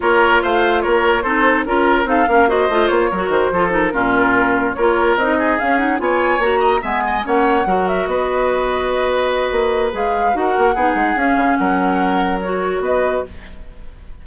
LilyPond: <<
  \new Staff \with { instrumentName = "flute" } { \time 4/4 \tempo 4 = 145 cis''4 f''4 cis''4 c''4 | ais'4 f''4 dis''4 cis''4 | c''4 ais'2~ ais'8 cis''8~ | cis''8 dis''4 f''8 fis''8 gis''4 ais''8~ |
ais''8 gis''4 fis''4. e''8 dis''8~ | dis''1 | f''4 fis''2 f''4 | fis''2 cis''4 dis''4 | }
  \new Staff \with { instrumentName = "oboe" } { \time 4/4 ais'4 c''4 ais'4 a'4 | ais'4 a'8 ais'8 c''4. ais'8~ | ais'8 a'4 f'2 ais'8~ | ais'4 gis'4. cis''4. |
dis''8 e''8 dis''8 cis''4 ais'4 b'8~ | b'1~ | b'4 ais'4 gis'2 | ais'2. b'4 | }
  \new Staff \with { instrumentName = "clarinet" } { \time 4/4 f'2. dis'4 | f'4 dis'8 cis'8 fis'8 f'4 fis'8~ | fis'8 f'8 dis'8 cis'2 f'8~ | f'8 dis'4 cis'8 dis'8 f'4 fis'8~ |
fis'8 b4 cis'4 fis'4.~ | fis'1 | gis'4 fis'4 dis'4 cis'4~ | cis'2 fis'2 | }
  \new Staff \with { instrumentName = "bassoon" } { \time 4/4 ais4 a4 ais4 c'4 | cis'4 c'8 ais4 a8 ais8 fis8 | dis8 f4 ais,2 ais8~ | ais8 c'4 cis'4 b4 ais8~ |
ais8 gis4 ais4 fis4 b8~ | b2. ais4 | gis4 dis'8 ais8 b8 gis8 cis'8 cis8 | fis2. b4 | }
>>